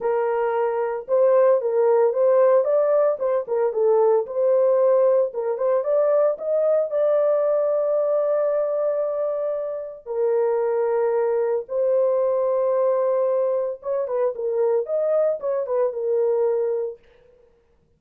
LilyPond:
\new Staff \with { instrumentName = "horn" } { \time 4/4 \tempo 4 = 113 ais'2 c''4 ais'4 | c''4 d''4 c''8 ais'8 a'4 | c''2 ais'8 c''8 d''4 | dis''4 d''2.~ |
d''2. ais'4~ | ais'2 c''2~ | c''2 cis''8 b'8 ais'4 | dis''4 cis''8 b'8 ais'2 | }